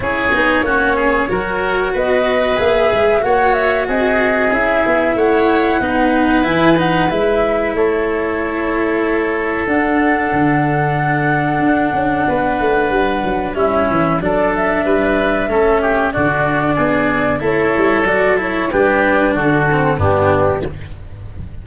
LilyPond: <<
  \new Staff \with { instrumentName = "flute" } { \time 4/4 \tempo 4 = 93 cis''2. dis''4 | e''4 fis''8 e''8 dis''4 e''4 | fis''2 gis''8 fis''8 e''4 | cis''2. fis''4~ |
fis''1~ | fis''4 e''4 d''8 e''4.~ | e''4 d''2 cis''4 | d''8 cis''8 b'4 a'4 g'4 | }
  \new Staff \with { instrumentName = "oboe" } { \time 4/4 gis'4 fis'8 gis'8 ais'4 b'4~ | b'4 cis''4 gis'2 | cis''4 b'2. | a'1~ |
a'2. b'4~ | b'4 e'4 a'4 b'4 | a'8 g'8 fis'4 gis'4 a'4~ | a'4 g'4 fis'4 d'4 | }
  \new Staff \with { instrumentName = "cello" } { \time 4/4 e'8 dis'8 cis'4 fis'2 | gis'4 fis'2 e'4~ | e'4 dis'4 e'8 dis'8 e'4~ | e'2. d'4~ |
d'1~ | d'4 cis'4 d'2 | cis'4 d'2 e'4 | fis'8 e'8 d'4. c'8 b4 | }
  \new Staff \with { instrumentName = "tuba" } { \time 4/4 cis'8 b8 ais4 fis4 b4 | ais8 gis8 ais4 c'4 cis'8 b8 | a4 b4 e4 gis4 | a2. d'4 |
d2 d'8 cis'8 b8 a8 | g8 fis8 g8 e8 fis4 g4 | a4 d4 b4 a8 g8 | fis4 g4 d4 g,4 | }
>>